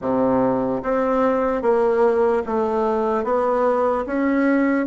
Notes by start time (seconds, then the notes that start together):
0.01 C3
0.83 C4
1.61 A#3
2.45 A3
3.24 B3
4.06 C#4